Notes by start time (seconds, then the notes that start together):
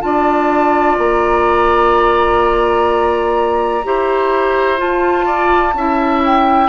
0.00 D4 F4 D5 A5
0.98 A#3 A#5
3.84 E4 G4 C5
4.78 F4 A5
5.26 D5
5.74 C#4 E4 E5
6.25 G5